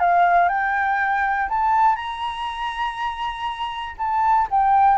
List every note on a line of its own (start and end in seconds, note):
0.00 0.49 F5
0.49 1.49 G5
1.49 1.96 A5
1.96 3.96 A#5
3.98 4.48 A5
4.51 4.98 G5